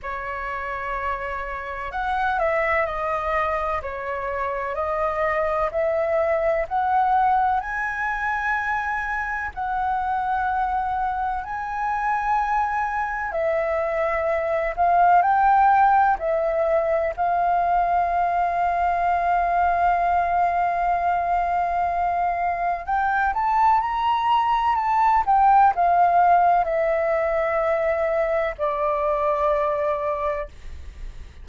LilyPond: \new Staff \with { instrumentName = "flute" } { \time 4/4 \tempo 4 = 63 cis''2 fis''8 e''8 dis''4 | cis''4 dis''4 e''4 fis''4 | gis''2 fis''2 | gis''2 e''4. f''8 |
g''4 e''4 f''2~ | f''1 | g''8 a''8 ais''4 a''8 g''8 f''4 | e''2 d''2 | }